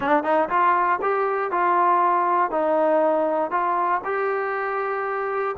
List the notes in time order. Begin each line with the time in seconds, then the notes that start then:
0.00 D4
0.23 D#4
0.49 F4
1.02 G4
1.51 F4
2.50 D#4
3.50 F4
4.04 G4